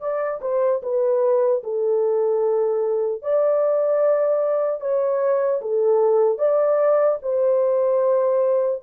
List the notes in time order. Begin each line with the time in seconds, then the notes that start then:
0.00 D5
0.41 C5
0.83 B4
1.63 A4
3.22 D5
4.80 C#5
5.61 A4
6.39 D5
7.22 C5